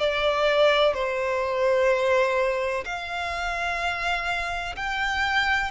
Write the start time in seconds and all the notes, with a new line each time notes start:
0.00 D5
0.94 C5
2.86 F5
4.77 G5